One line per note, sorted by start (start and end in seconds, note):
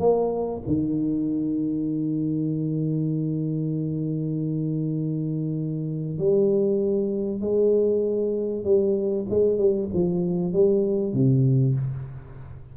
0.00 0.62 A#3
0.67 6.19 D#3
6.19 7.41 G3
7.41 8.64 G#3
8.64 9.26 G3
9.30 9.58 G#3
9.58 9.89 G3
9.94 10.53 F3
10.53 11.13 G3
11.13 11.75 C3